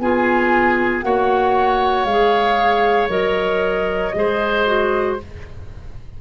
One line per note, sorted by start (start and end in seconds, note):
0.00 1.04 B3
0.00 1.03 F4
0.00 1.05 G#4
0.00 1.02 G#5
1.02 2.05 A#3
1.02 2.06 F#4
1.02 4.16 C#5
1.02 2.05 F#5
2.05 3.09 G#3
2.05 3.09 G#4
2.05 3.09 F5
3.09 4.13 F#3
3.09 4.12 A#4
3.09 5.17 D#5
4.15 5.18 G#3
4.15 4.66 G#4
4.15 5.22 C5
4.66 5.18 F#4